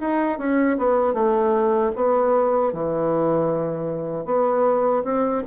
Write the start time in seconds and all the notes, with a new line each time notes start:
0.00 D#4
0.38 C#4
0.78 B3
1.14 A3
1.96 B3
2.73 E3
4.25 B3
5.04 C4